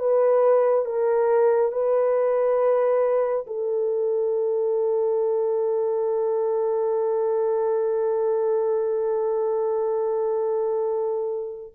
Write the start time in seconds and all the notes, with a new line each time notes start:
0.00 B4
0.86 A#4
1.73 B4
3.47 A4